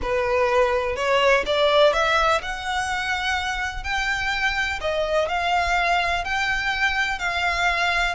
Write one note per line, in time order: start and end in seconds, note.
0.01 0.96 B4
0.96 1.44 C#5
1.46 1.93 D5
1.93 2.41 E5
2.42 3.83 F#5
3.83 4.79 G5
4.80 5.28 D#5
5.28 6.24 F5
6.24 7.19 G5
7.19 8.15 F5